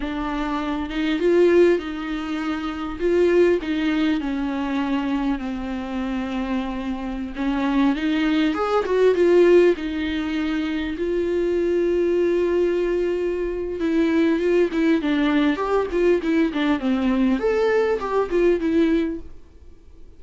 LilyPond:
\new Staff \with { instrumentName = "viola" } { \time 4/4 \tempo 4 = 100 d'4. dis'8 f'4 dis'4~ | dis'4 f'4 dis'4 cis'4~ | cis'4 c'2.~ | c'16 cis'4 dis'4 gis'8 fis'8 f'8.~ |
f'16 dis'2 f'4.~ f'16~ | f'2. e'4 | f'8 e'8 d'4 g'8 f'8 e'8 d'8 | c'4 a'4 g'8 f'8 e'4 | }